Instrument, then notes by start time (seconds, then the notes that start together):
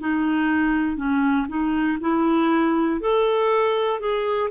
clarinet
0.00 D#4
0.96 C#4
1.48 D#4
2.00 E4
3.00 A4
4.00 G#4